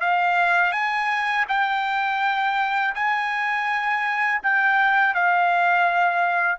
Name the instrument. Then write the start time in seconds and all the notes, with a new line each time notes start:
trumpet
0.00 F5
0.72 G#5
1.48 G5
2.94 G#5
4.43 G5
5.14 F5